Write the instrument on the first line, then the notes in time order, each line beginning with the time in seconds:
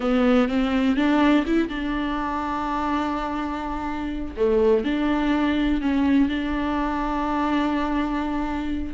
viola
0.00 B3
0.48 C4
0.96 D4
1.46 E4
1.68 D4
4.36 A3
4.84 D4
5.81 C#4
6.29 D4